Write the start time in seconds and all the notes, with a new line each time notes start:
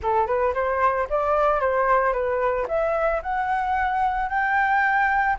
0.02 A4
0.27 B4
0.54 C5
1.09 D5
1.60 C5
2.12 B4
2.68 E5
3.22 F#5
4.29 G5